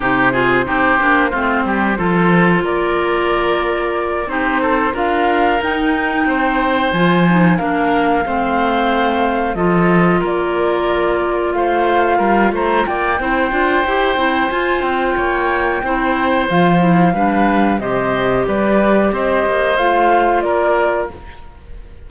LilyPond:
<<
  \new Staff \with { instrumentName = "flute" } { \time 4/4 \tempo 4 = 91 c''1 | d''2~ d''8 c''4 f''8~ | f''8 g''2 gis''4 f''8~ | f''2~ f''8 dis''4 d''8~ |
d''4. f''4. ais''8 g''8~ | g''2 gis''8 g''4.~ | g''4 f''2 dis''4 | d''4 dis''4 f''4 d''4 | }
  \new Staff \with { instrumentName = "oboe" } { \time 4/4 g'8 gis'8 g'4 f'8 g'8 a'4 | ais'2~ ais'8 g'8 a'8 ais'8~ | ais'4. c''2 ais'8~ | ais'8 c''2 a'4 ais'8~ |
ais'4. c''4 ais'8 c''8 d''8 | c''2. cis''4 | c''2 b'4 c''4 | b'4 c''2 ais'4 | }
  \new Staff \with { instrumentName = "clarinet" } { \time 4/4 dis'8 f'8 dis'8 d'8 c'4 f'4~ | f'2~ f'8 dis'4 f'8~ | f'8 dis'2 f'8 dis'8 d'8~ | d'8 c'2 f'4.~ |
f'1 | e'8 f'8 g'8 e'8 f'2 | e'4 f'8 e'8 d'4 g'4~ | g'2 f'2 | }
  \new Staff \with { instrumentName = "cello" } { \time 4/4 c4 c'8 ais8 a8 g8 f4 | ais2~ ais8 c'4 d'8~ | d'8 dis'4 c'4 f4 ais8~ | ais8 a2 f4 ais8~ |
ais4. a4 g8 a8 ais8 | c'8 d'8 e'8 c'8 f'8 c'8 ais4 | c'4 f4 g4 c4 | g4 c'8 ais8 a4 ais4 | }
>>